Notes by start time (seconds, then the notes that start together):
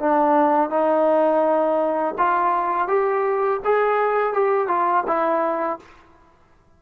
0.00 D4
0.70 D#4
2.18 F4
2.88 G4
3.65 G#4
4.33 G4
4.68 F4
5.07 E4